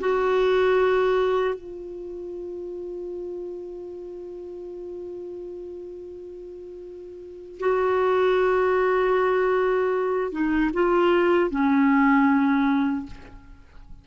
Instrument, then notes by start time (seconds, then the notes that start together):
clarinet
0.00 F#4
1.55 F4
7.60 F#4
10.32 D#4
10.74 F4
11.50 C#4